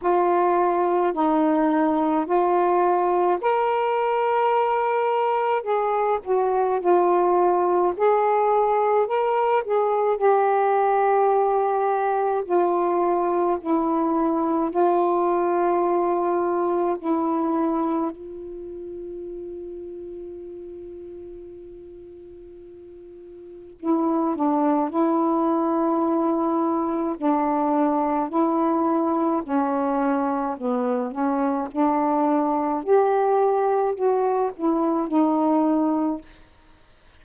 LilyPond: \new Staff \with { instrumentName = "saxophone" } { \time 4/4 \tempo 4 = 53 f'4 dis'4 f'4 ais'4~ | ais'4 gis'8 fis'8 f'4 gis'4 | ais'8 gis'8 g'2 f'4 | e'4 f'2 e'4 |
f'1~ | f'4 e'8 d'8 e'2 | d'4 e'4 cis'4 b8 cis'8 | d'4 g'4 fis'8 e'8 dis'4 | }